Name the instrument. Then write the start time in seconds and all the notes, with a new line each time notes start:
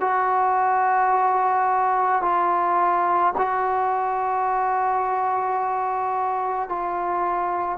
trombone
0.00 F#4
2.22 F4
3.37 F#4
6.68 F4